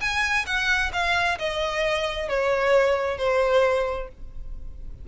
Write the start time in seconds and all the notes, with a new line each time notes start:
0.00 G#5
0.46 F#5
0.93 F5
1.38 D#5
2.28 C#5
3.18 C5